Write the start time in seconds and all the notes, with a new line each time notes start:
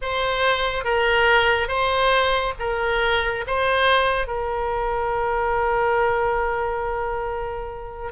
0.01 C5
0.84 A#4
1.68 C5
2.59 A#4
3.46 C5
4.27 A#4